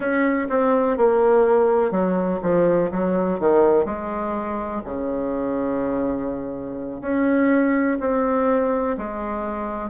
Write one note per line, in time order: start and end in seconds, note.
0.00 0.48 C#4
0.49 0.97 C4
0.97 1.91 A#3
1.91 2.39 F#3
2.42 2.90 F3
2.91 3.39 F#3
3.39 3.84 D#3
3.84 4.81 G#3
4.84 7.01 C#3
7.01 7.98 C#4
8.00 8.96 C4
8.97 9.90 G#3